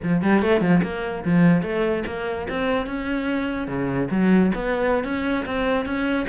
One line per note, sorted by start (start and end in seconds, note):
0.02 0.22 F3
0.22 0.42 G3
0.42 0.60 A3
0.60 0.81 F3
0.83 1.24 A#3
1.24 1.62 F3
1.62 2.03 A3
2.06 2.47 A#3
2.49 2.86 C4
2.86 3.67 C#4
3.67 4.08 C#3
4.10 4.51 F#3
4.54 5.03 B3
5.03 5.45 C#4
5.45 5.85 C4
5.85 6.26 C#4